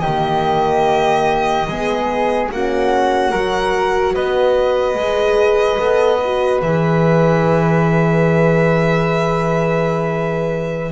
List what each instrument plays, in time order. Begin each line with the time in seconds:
0.00 double bass D#3, horn A#3, flute G4, violin D#5
1.67 double bass G#3, horn B3, flute G#4
2.52 double bass A#3, horn C#4, flute F#4, violin F#5
3.31 double bass F#3, horn F#4, flute A#4
4.14 double bass B3, flute B4, violin D#5
4.95 double bass G#3, horn G#4
5.79 double bass B3, horn A4
6.24 horn F#4
6.62 double bass E3, horn G#4, violin E5